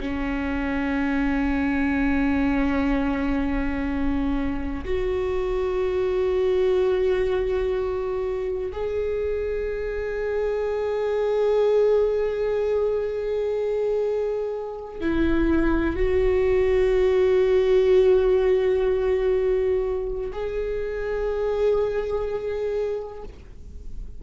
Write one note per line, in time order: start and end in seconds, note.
0.00 4.84 C#4
4.85 8.72 F#4
8.72 15.00 G#4
15.00 15.96 E4
15.96 20.31 F#4
20.33 23.23 G#4